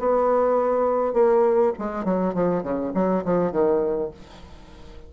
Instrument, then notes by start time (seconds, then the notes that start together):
bassoon
0.00 B3
1.14 A#3
1.79 G#3
2.05 F#3
2.35 F3
2.64 C#3
2.95 F#3
3.25 F3
3.52 D#3